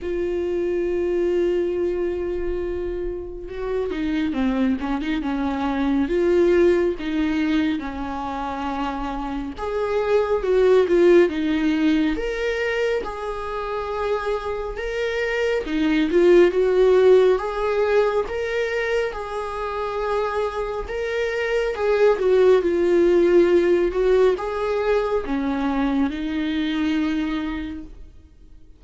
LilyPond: \new Staff \with { instrumentName = "viola" } { \time 4/4 \tempo 4 = 69 f'1 | fis'8 dis'8 c'8 cis'16 dis'16 cis'4 f'4 | dis'4 cis'2 gis'4 | fis'8 f'8 dis'4 ais'4 gis'4~ |
gis'4 ais'4 dis'8 f'8 fis'4 | gis'4 ais'4 gis'2 | ais'4 gis'8 fis'8 f'4. fis'8 | gis'4 cis'4 dis'2 | }